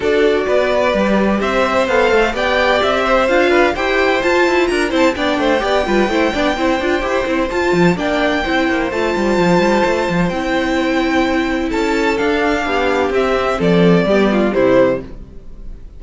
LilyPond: <<
  \new Staff \with { instrumentName = "violin" } { \time 4/4 \tempo 4 = 128 d''2. e''4 | f''4 g''4 e''4 f''4 | g''4 a''4 ais''8 a''8 g''4~ | g''1 |
a''4 g''2 a''4~ | a''2 g''2~ | g''4 a''4 f''2 | e''4 d''2 c''4 | }
  \new Staff \with { instrumentName = "violin" } { \time 4/4 a'4 b'2 c''4~ | c''4 d''4. c''4 b'8 | c''2 ais'8 c''8 d''8 c''8 | d''8 b'8 c''8 d''8 c''2~ |
c''4 d''4 c''2~ | c''1~ | c''4 a'2 g'4~ | g'4 a'4 g'8 f'8 e'4 | }
  \new Staff \with { instrumentName = "viola" } { \time 4/4 fis'2 g'2 | a'4 g'2 f'4 | g'4 f'4. e'8 d'4 | g'8 f'8 e'8 d'8 e'8 f'8 g'8 e'8 |
f'4 d'4 e'4 f'4~ | f'2 e'2~ | e'2 d'2 | c'2 b4 g4 | }
  \new Staff \with { instrumentName = "cello" } { \time 4/4 d'4 b4 g4 c'4 | b8 a8 b4 c'4 d'4 | e'4 f'8 e'8 d'8 c'8 b8 a8 | b8 g8 a8 b8 c'8 d'8 e'8 c'8 |
f'8 f8 ais4 c'8 ais8 a8 g8 | f8 g8 a8 f8 c'2~ | c'4 cis'4 d'4 b4 | c'4 f4 g4 c4 | }
>>